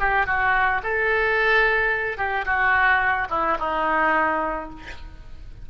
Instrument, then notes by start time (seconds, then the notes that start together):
oboe
0.00 G4
0.27 F#4
0.83 A4
2.18 G4
2.45 F#4
3.30 E4
3.60 D#4